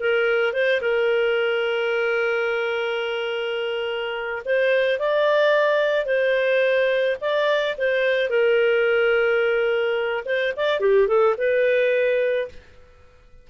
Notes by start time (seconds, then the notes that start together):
0.00 A#4
0.53 C5
0.81 A#4
4.45 C5
4.99 D5
6.05 C5
7.21 D5
7.77 C5
8.30 A#4
10.25 C5
10.56 D5
10.80 G4
11.07 A4
11.37 B4